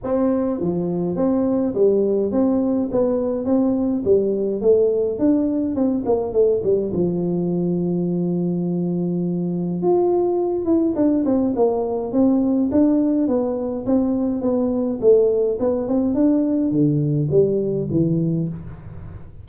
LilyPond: \new Staff \with { instrumentName = "tuba" } { \time 4/4 \tempo 4 = 104 c'4 f4 c'4 g4 | c'4 b4 c'4 g4 | a4 d'4 c'8 ais8 a8 g8 | f1~ |
f4 f'4. e'8 d'8 c'8 | ais4 c'4 d'4 b4 | c'4 b4 a4 b8 c'8 | d'4 d4 g4 e4 | }